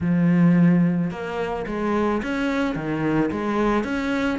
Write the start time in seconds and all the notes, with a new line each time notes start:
0.01 F3
1.10 A#3
1.67 G#3
2.22 C#4
2.75 D#3
3.31 G#3
3.84 C#4